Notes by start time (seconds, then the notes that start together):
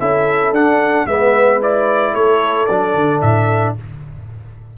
0.00 C#4 E4 A4 E5
0.52 D4 F#5
1.06 G#3 B3 B4 E5
1.61 E4 D5
2.14 A3 A4 C#5
2.67 F#3 D4 D5
2.95 D3
3.21 A2 E5